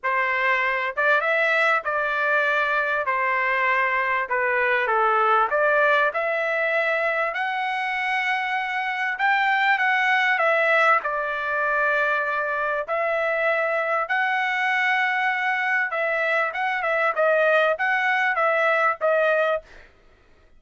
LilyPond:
\new Staff \with { instrumentName = "trumpet" } { \time 4/4 \tempo 4 = 98 c''4. d''8 e''4 d''4~ | d''4 c''2 b'4 | a'4 d''4 e''2 | fis''2. g''4 |
fis''4 e''4 d''2~ | d''4 e''2 fis''4~ | fis''2 e''4 fis''8 e''8 | dis''4 fis''4 e''4 dis''4 | }